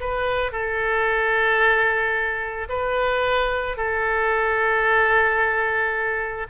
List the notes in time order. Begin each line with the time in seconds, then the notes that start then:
0.00 B4
0.52 A4
2.69 B4
3.77 A4